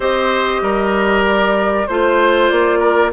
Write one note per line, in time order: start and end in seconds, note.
0.00 0.61 C4
0.00 1.86 G4
0.00 0.61 C5
0.00 1.25 D#5
0.61 1.86 G3
0.61 1.87 A#4
1.26 1.86 D5
1.86 2.50 A3
1.86 3.12 F4
1.86 2.48 C5
1.86 2.79 C5
2.48 3.12 A#3
2.48 3.11 D5
2.79 3.10 A#4